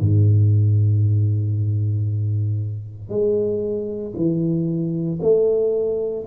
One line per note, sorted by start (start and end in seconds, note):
0.00 3.09 G#2
3.09 4.13 G#3
4.16 5.20 E3
5.22 6.25 A3